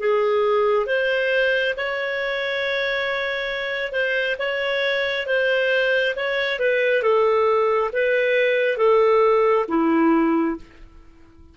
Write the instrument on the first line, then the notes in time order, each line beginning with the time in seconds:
clarinet
0.00 G#4
0.87 C5
1.77 C#5
3.92 C5
4.39 C#5
5.27 C5
6.16 C#5
6.60 B4
7.03 A4
7.93 B4
8.78 A4
9.69 E4